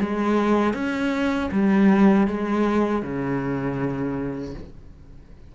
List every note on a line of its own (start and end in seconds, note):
0.00 0.74 G#3
0.74 1.50 C#4
1.52 2.28 G3
2.28 3.02 G#3
3.02 4.54 C#3